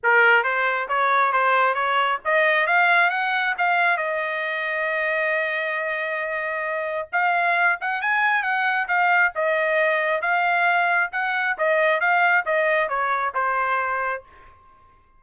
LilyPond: \new Staff \with { instrumentName = "trumpet" } { \time 4/4 \tempo 4 = 135 ais'4 c''4 cis''4 c''4 | cis''4 dis''4 f''4 fis''4 | f''4 dis''2.~ | dis''1 |
f''4. fis''8 gis''4 fis''4 | f''4 dis''2 f''4~ | f''4 fis''4 dis''4 f''4 | dis''4 cis''4 c''2 | }